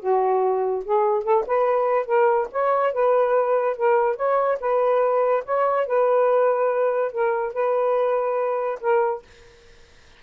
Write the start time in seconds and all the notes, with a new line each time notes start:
0.00 F#4
0.84 G#4
1.24 A4
1.46 B4
2.06 A#4
2.52 C#5
2.93 B4
3.77 A#4
4.16 C#5
4.60 B4
5.45 C#5
5.87 B4
7.12 A#4
7.54 B4
8.81 A#4